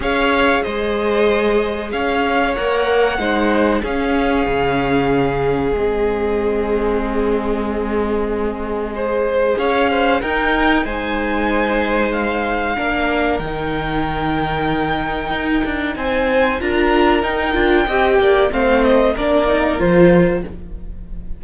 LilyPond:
<<
  \new Staff \with { instrumentName = "violin" } { \time 4/4 \tempo 4 = 94 f''4 dis''2 f''4 | fis''2 f''2~ | f''4 dis''2.~ | dis''2. f''4 |
g''4 gis''2 f''4~ | f''4 g''2.~ | g''4 gis''4 ais''4 g''4~ | g''4 f''8 dis''8 d''4 c''4 | }
  \new Staff \with { instrumentName = "violin" } { \time 4/4 cis''4 c''2 cis''4~ | cis''4 c''4 gis'2~ | gis'1~ | gis'2 c''4 cis''8 c''8 |
ais'4 c''2. | ais'1~ | ais'4 c''4 ais'2 | dis''8 d''8 c''4 ais'2 | }
  \new Staff \with { instrumentName = "viola" } { \time 4/4 gis'1 | ais'4 dis'4 cis'2~ | cis'4 c'2.~ | c'2 gis'2 |
dis'1 | d'4 dis'2.~ | dis'2 f'4 dis'8 f'8 | g'4 c'4 d'8 dis'8 f'4 | }
  \new Staff \with { instrumentName = "cello" } { \time 4/4 cis'4 gis2 cis'4 | ais4 gis4 cis'4 cis4~ | cis4 gis2.~ | gis2. cis'4 |
dis'4 gis2. | ais4 dis2. | dis'8 d'8 c'4 d'4 dis'8 d'8 | c'8 ais8 a4 ais4 f4 | }
>>